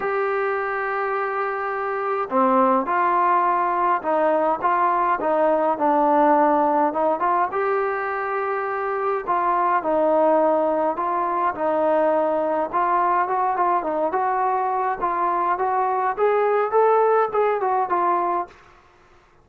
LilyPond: \new Staff \with { instrumentName = "trombone" } { \time 4/4 \tempo 4 = 104 g'1 | c'4 f'2 dis'4 | f'4 dis'4 d'2 | dis'8 f'8 g'2. |
f'4 dis'2 f'4 | dis'2 f'4 fis'8 f'8 | dis'8 fis'4. f'4 fis'4 | gis'4 a'4 gis'8 fis'8 f'4 | }